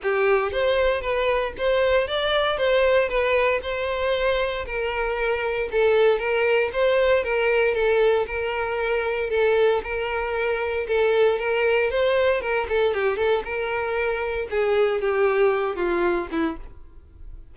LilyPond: \new Staff \with { instrumentName = "violin" } { \time 4/4 \tempo 4 = 116 g'4 c''4 b'4 c''4 | d''4 c''4 b'4 c''4~ | c''4 ais'2 a'4 | ais'4 c''4 ais'4 a'4 |
ais'2 a'4 ais'4~ | ais'4 a'4 ais'4 c''4 | ais'8 a'8 g'8 a'8 ais'2 | gis'4 g'4. f'4 e'8 | }